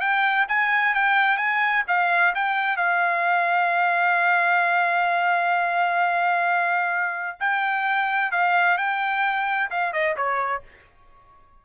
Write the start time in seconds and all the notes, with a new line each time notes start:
0.00 G5
0.48 G#5
0.94 G5
1.37 G#5
1.87 F5
2.35 G5
2.77 F5
7.40 G5
8.31 F5
8.77 G5
9.70 F5
9.93 D#5
10.16 C#5